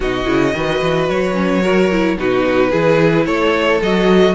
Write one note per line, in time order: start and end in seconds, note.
0.00 0.26 B2
0.00 0.24 D#4
0.00 0.54 F#4
0.00 1.09 D#5
0.24 0.53 C#3
0.24 0.52 E4
0.53 0.80 D#3
0.53 1.33 F#4
0.53 1.62 B4
0.82 1.09 E3
1.09 2.17 F#3
1.09 2.18 C#5
1.33 1.60 C#4
1.62 1.90 F#4
1.62 2.16 A#4
1.91 2.18 E4
2.17 2.71 B2
2.17 2.71 D#4
2.17 2.70 F#4
2.17 3.26 B4
2.70 3.26 E3
2.70 3.80 E4
2.70 3.24 G#4
3.26 3.81 A3
3.26 4.34 A4
3.26 3.80 C#5
3.81 4.34 F#3
3.81 4.34 F#4
3.81 4.34 D#5